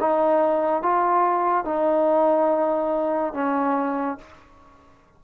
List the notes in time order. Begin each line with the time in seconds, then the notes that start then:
0.00 D#4
0.83 F4
1.65 D#4
3.34 C#4